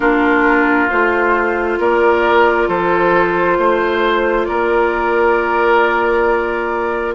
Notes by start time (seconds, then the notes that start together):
0.00 A#3 D4 F4 A#4
0.89 A3 F4 C5
1.79 A#3 A#4 D5
2.68 F3 A4 C5
3.57 A3 C5
4.45 A#3 A#4 D5